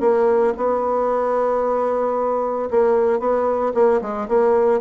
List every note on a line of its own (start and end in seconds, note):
0.00 0.53 A#3
0.57 2.69 B3
2.70 3.19 A#3
3.19 3.72 B3
3.74 4.00 A#3
4.01 4.28 G#3
4.28 4.80 A#3